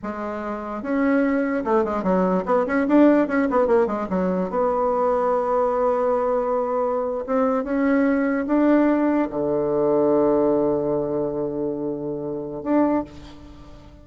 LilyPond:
\new Staff \with { instrumentName = "bassoon" } { \time 4/4 \tempo 4 = 147 gis2 cis'2 | a8 gis8 fis4 b8 cis'8 d'4 | cis'8 b8 ais8 gis8 fis4 b4~ | b1~ |
b4.~ b16 c'4 cis'4~ cis'16~ | cis'8. d'2 d4~ d16~ | d1~ | d2. d'4 | }